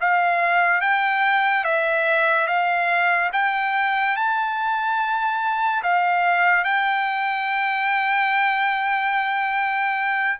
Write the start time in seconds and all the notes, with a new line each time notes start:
0.00 F5
0.81 G5
1.64 E5
2.47 F5
3.33 G5
4.16 A5
5.83 F5
6.64 G5